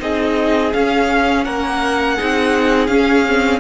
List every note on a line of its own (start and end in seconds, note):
0.00 0.73 C4
0.00 0.72 D#4
0.00 1.45 G#4
0.00 0.73 D#5
0.73 1.46 C#4
0.73 2.18 C#4
0.73 1.45 F5
1.45 2.18 A#3
1.45 2.16 A#4
1.45 2.87 F#5
2.16 2.88 C4
2.16 2.89 D#4
2.16 3.60 G#4
2.87 3.60 C#4
2.87 3.25 C#4
2.87 3.59 F5
3.28 3.60 C4